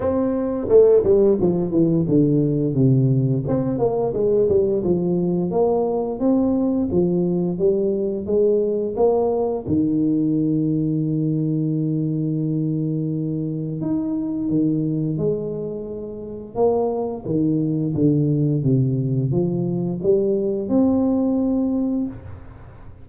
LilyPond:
\new Staff \with { instrumentName = "tuba" } { \time 4/4 \tempo 4 = 87 c'4 a8 g8 f8 e8 d4 | c4 c'8 ais8 gis8 g8 f4 | ais4 c'4 f4 g4 | gis4 ais4 dis2~ |
dis1 | dis'4 dis4 gis2 | ais4 dis4 d4 c4 | f4 g4 c'2 | }